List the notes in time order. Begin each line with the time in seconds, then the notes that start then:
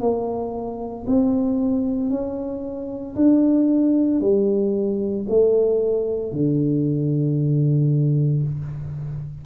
0.00 A#3
1.07 C4
2.09 C#4
3.15 D4
4.21 G3
5.29 A3
6.32 D3